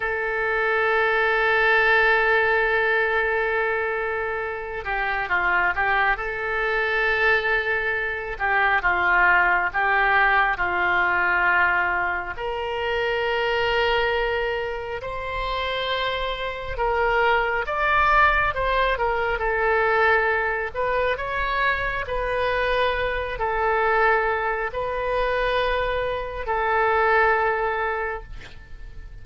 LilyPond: \new Staff \with { instrumentName = "oboe" } { \time 4/4 \tempo 4 = 68 a'1~ | a'4. g'8 f'8 g'8 a'4~ | a'4. g'8 f'4 g'4 | f'2 ais'2~ |
ais'4 c''2 ais'4 | d''4 c''8 ais'8 a'4. b'8 | cis''4 b'4. a'4. | b'2 a'2 | }